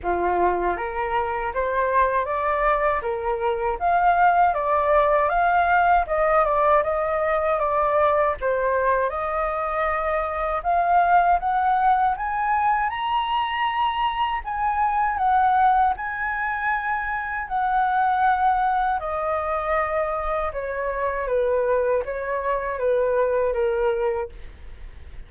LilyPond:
\new Staff \with { instrumentName = "flute" } { \time 4/4 \tempo 4 = 79 f'4 ais'4 c''4 d''4 | ais'4 f''4 d''4 f''4 | dis''8 d''8 dis''4 d''4 c''4 | dis''2 f''4 fis''4 |
gis''4 ais''2 gis''4 | fis''4 gis''2 fis''4~ | fis''4 dis''2 cis''4 | b'4 cis''4 b'4 ais'4 | }